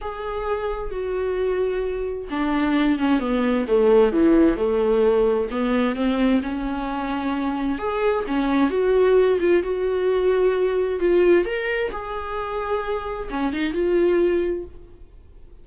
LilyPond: \new Staff \with { instrumentName = "viola" } { \time 4/4 \tempo 4 = 131 gis'2 fis'2~ | fis'4 d'4. cis'8 b4 | a4 e4 a2 | b4 c'4 cis'2~ |
cis'4 gis'4 cis'4 fis'4~ | fis'8 f'8 fis'2. | f'4 ais'4 gis'2~ | gis'4 cis'8 dis'8 f'2 | }